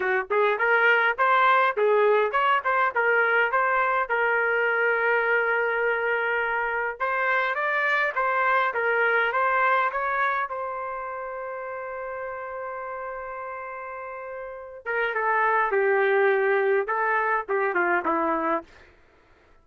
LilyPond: \new Staff \with { instrumentName = "trumpet" } { \time 4/4 \tempo 4 = 103 fis'8 gis'8 ais'4 c''4 gis'4 | cis''8 c''8 ais'4 c''4 ais'4~ | ais'1 | c''4 d''4 c''4 ais'4 |
c''4 cis''4 c''2~ | c''1~ | c''4. ais'8 a'4 g'4~ | g'4 a'4 g'8 f'8 e'4 | }